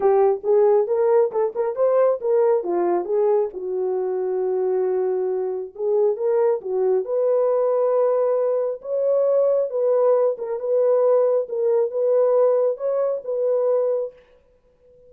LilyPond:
\new Staff \with { instrumentName = "horn" } { \time 4/4 \tempo 4 = 136 g'4 gis'4 ais'4 a'8 ais'8 | c''4 ais'4 f'4 gis'4 | fis'1~ | fis'4 gis'4 ais'4 fis'4 |
b'1 | cis''2 b'4. ais'8 | b'2 ais'4 b'4~ | b'4 cis''4 b'2 | }